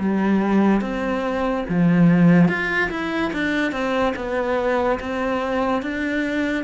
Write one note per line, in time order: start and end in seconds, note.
0.00 0.82 G3
0.82 1.65 C4
1.69 2.49 F3
2.49 2.91 F4
2.91 3.33 E4
3.33 3.72 D4
3.72 4.14 C4
4.16 5.00 B3
5.00 5.83 C4
5.83 6.65 D4